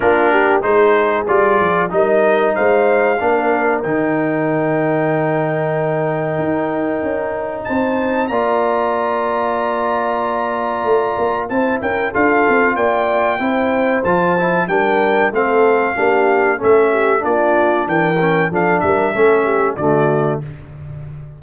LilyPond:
<<
  \new Staff \with { instrumentName = "trumpet" } { \time 4/4 \tempo 4 = 94 ais'4 c''4 d''4 dis''4 | f''2 g''2~ | g''1 | a''4 ais''2.~ |
ais''2 a''8 g''8 f''4 | g''2 a''4 g''4 | f''2 e''4 d''4 | g''4 f''8 e''4. d''4 | }
  \new Staff \with { instrumentName = "horn" } { \time 4/4 f'8 g'8 gis'2 ais'4 | c''4 ais'2.~ | ais'1 | c''4 d''2.~ |
d''2 c''8 ais'8 a'4 | d''4 c''2 ais'4 | a'4 g'4 a'8 g'8 f'4 | ais'4 a'8 ais'8 a'8 g'8 fis'4 | }
  \new Staff \with { instrumentName = "trombone" } { \time 4/4 d'4 dis'4 f'4 dis'4~ | dis'4 d'4 dis'2~ | dis'1~ | dis'4 f'2.~ |
f'2 e'4 f'4~ | f'4 e'4 f'8 e'8 d'4 | c'4 d'4 cis'4 d'4~ | d'8 cis'8 d'4 cis'4 a4 | }
  \new Staff \with { instrumentName = "tuba" } { \time 4/4 ais4 gis4 g8 f8 g4 | gis4 ais4 dis2~ | dis2 dis'4 cis'4 | c'4 ais2.~ |
ais4 a8 ais8 c'8 cis'8 d'8 c'8 | ais4 c'4 f4 g4 | a4 ais4 a4 ais4 | e4 f8 g8 a4 d4 | }
>>